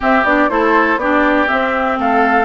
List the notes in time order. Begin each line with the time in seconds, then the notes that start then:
0.00 C4 G4 E5
0.24 B3 D4 D5
0.49 A3 E4 A4 C5
0.96 B3 D4 G4 D5
1.47 C4 E5
1.98 A3 A4 F5